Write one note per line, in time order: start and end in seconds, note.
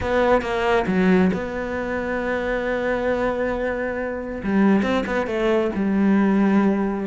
0.00 0.41 B3
0.41 0.85 A#3
0.86 1.31 F#3
1.33 4.42 B3
4.43 4.82 G3
4.82 5.04 C4
5.06 5.26 B3
5.26 5.71 A3
5.75 7.07 G3